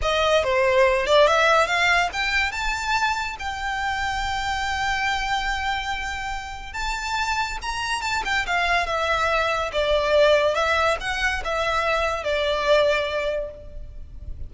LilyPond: \new Staff \with { instrumentName = "violin" } { \time 4/4 \tempo 4 = 142 dis''4 c''4. d''8 e''4 | f''4 g''4 a''2 | g''1~ | g''1 |
a''2 ais''4 a''8 g''8 | f''4 e''2 d''4~ | d''4 e''4 fis''4 e''4~ | e''4 d''2. | }